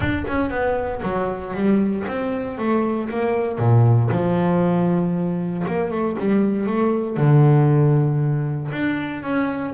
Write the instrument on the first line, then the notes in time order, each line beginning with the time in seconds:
double bass
0.00 D4
0.27 C#4
0.50 B3
1.02 F#3
1.54 G3
2.07 C4
2.58 A3
3.09 A#3
3.58 A#2
4.11 F3
5.67 A#3
5.90 A3
6.19 G3
6.66 A3
7.16 D3
8.71 D4
9.22 C#4